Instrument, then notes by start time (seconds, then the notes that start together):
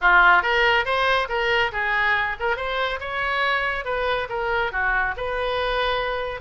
oboe
0.01 F4
0.42 A#4
0.85 C5
1.29 A#4
1.72 G#4
2.39 A#4
2.56 C5
3.00 C#5
3.85 B4
4.29 A#4
4.71 F#4
5.16 B4